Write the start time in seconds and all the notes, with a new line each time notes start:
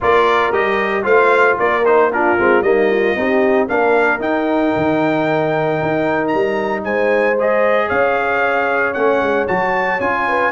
0.00 A#3 F4 A#4 D5
0.52 G3 G4 D#5
1.03 A3 F4 C5 F5
1.58 A#3 A#4 D5
1.85 D#4 C5
2.12 D4 F4 A#4
2.38 G#3 C4
2.61 G3 A#3 D#4 D#5
2.91 F4
3.16 C4 D#4 G4
3.68 A#3 D4 A#4 F5
4.19 D#4 G5
4.76 D#3
5.81 D#4
6.27 A#5
6.34 G3
6.84 G#3 C5 G#5
7.39 G#4 D#5
7.87 C#4 C#5 F5
8.93 A3 C#4 F#5
9.21 G#3
9.47 F#3 F#4 A5
10.00 C#4 F4 G#5
10.27 B4